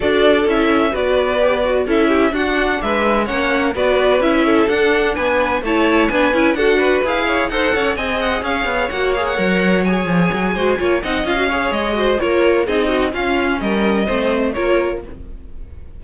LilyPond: <<
  \new Staff \with { instrumentName = "violin" } { \time 4/4 \tempo 4 = 128 d''4 e''4 d''2 | e''4 fis''4 e''4 fis''4 | d''4 e''4 fis''4 gis''4 | a''4 gis''4 fis''4 f''4 |
fis''4 gis''8 fis''8 f''4 fis''8 f''16 fis''16~ | fis''4 gis''2~ gis''8 fis''8 | f''4 dis''4 cis''4 dis''4 | f''4 dis''2 cis''4 | }
  \new Staff \with { instrumentName = "violin" } { \time 4/4 a'2 b'2 | a'8 g'8 fis'4 b'4 cis''4 | b'4. a'4. b'4 | cis''4 b'4 a'8 b'4 cis''8 |
c''8 cis''8 dis''4 cis''2~ | cis''2~ cis''8 c''8 cis''8 dis''8~ | dis''8 cis''4 c''8 ais'4 gis'8 fis'8 | f'4 ais'4 c''4 ais'4 | }
  \new Staff \with { instrumentName = "viola" } { \time 4/4 fis'4 e'4 fis'4 g'8 fis'8 | e'4 d'2 cis'4 | fis'4 e'4 d'2 | e'4 d'8 e'8 fis'4 gis'4 |
a'4 gis'2 fis'8 gis'8 | ais'4 gis'4. fis'8 f'8 dis'8 | f'16 fis'16 gis'4 fis'8 f'4 dis'4 | cis'2 c'4 f'4 | }
  \new Staff \with { instrumentName = "cello" } { \time 4/4 d'4 cis'4 b2 | cis'4 d'4 gis4 ais4 | b4 cis'4 d'4 b4 | a4 b8 cis'8 d'4 e'4 |
dis'8 cis'8 c'4 cis'8 b8 ais4 | fis4. f8 fis8 gis8 ais8 c'8 | cis'4 gis4 ais4 c'4 | cis'4 g4 a4 ais4 | }
>>